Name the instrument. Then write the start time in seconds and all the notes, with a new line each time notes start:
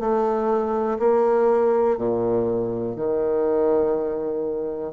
bassoon
0.00 A3
1.00 A#3
1.98 A#2
2.96 D#3